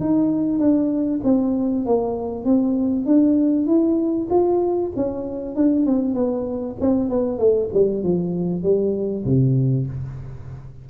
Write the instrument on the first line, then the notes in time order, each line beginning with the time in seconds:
tuba
0.00 D#4
0.58 D4
1.23 C4
1.85 A#3
2.45 C4
3.06 D4
3.66 E4
4.30 F4
4.96 C#4
5.55 D4
5.86 C4
6.15 B3
6.80 C4
7.09 B3
7.38 A3
7.73 G3
8.03 F3
8.63 G3
9.25 C3